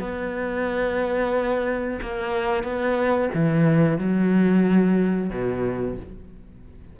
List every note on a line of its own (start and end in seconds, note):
0.00 2.00 B3
2.02 2.64 A#3
2.64 3.30 B3
3.35 3.98 E3
3.98 5.30 F#3
5.30 5.97 B2